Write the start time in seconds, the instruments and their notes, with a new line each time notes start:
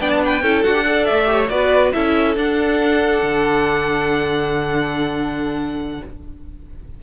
0.00 cello B3, viola D4, violin D5 G5
0.10 violin A5
0.25 violin B4 G5
0.42 cello C#4, viola E4, violin A4
0.63 cello D4, viola F#4, violin F#5
0.74 viola G4
0.85 viola A4, violin D5
1.05 cello A3, violin E5
1.26 viola G4, violin C#5
1.49 cello B3, viola F#4, violin B4 D5
1.92 cello C#4, viola E4, violin A4 E5
2.36 cello D4, viola D4, violin F#5
3.23 cello D3